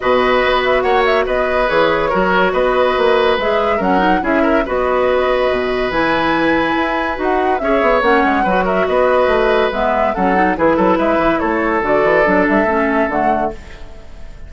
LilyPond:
<<
  \new Staff \with { instrumentName = "flute" } { \time 4/4 \tempo 4 = 142 dis''4. e''8 fis''8 e''8 dis''4 | cis''2 dis''2 | e''4 fis''4 e''4 dis''4~ | dis''2 gis''2~ |
gis''4 fis''4 e''4 fis''4~ | fis''8 e''8 dis''2 e''4 | fis''4 b'4 e''4 cis''4 | d''4. e''4. fis''4 | }
  \new Staff \with { instrumentName = "oboe" } { \time 4/4 b'2 cis''4 b'4~ | b'4 ais'4 b'2~ | b'4 ais'4 gis'8 ais'8 b'4~ | b'1~ |
b'2 cis''2 | b'8 ais'8 b'2. | a'4 gis'8 a'8 b'4 a'4~ | a'1 | }
  \new Staff \with { instrumentName = "clarinet" } { \time 4/4 fis'1 | gis'4 fis'2. | gis'4 cis'8 dis'8 e'4 fis'4~ | fis'2 e'2~ |
e'4 fis'4 gis'4 cis'4 | fis'2. b4 | cis'8 dis'8 e'2. | fis'4 d'4 cis'4 a4 | }
  \new Staff \with { instrumentName = "bassoon" } { \time 4/4 b,4 b4 ais4 b4 | e4 fis4 b4 ais4 | gis4 fis4 cis'4 b4~ | b4 b,4 e2 |
e'4 dis'4 cis'8 b8 ais8 gis8 | fis4 b4 a4 gis4 | fis4 e8 fis8 gis8 e8 a4 | d8 e8 fis8 g8 a4 d4 | }
>>